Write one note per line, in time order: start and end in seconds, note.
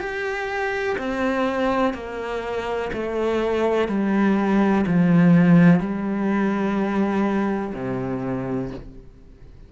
0.00 0.97 G4
0.99 1.94 C4
1.94 2.91 A#3
2.93 3.88 A3
3.88 4.85 G3
4.87 5.80 F3
5.80 7.73 G3
7.75 8.71 C3